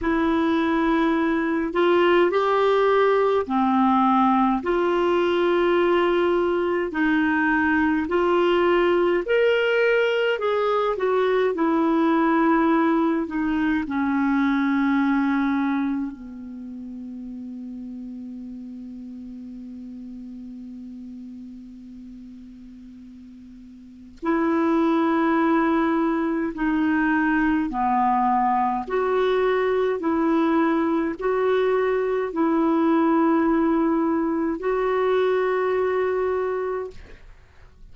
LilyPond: \new Staff \with { instrumentName = "clarinet" } { \time 4/4 \tempo 4 = 52 e'4. f'8 g'4 c'4 | f'2 dis'4 f'4 | ais'4 gis'8 fis'8 e'4. dis'8 | cis'2 b2~ |
b1~ | b4 e'2 dis'4 | b4 fis'4 e'4 fis'4 | e'2 fis'2 | }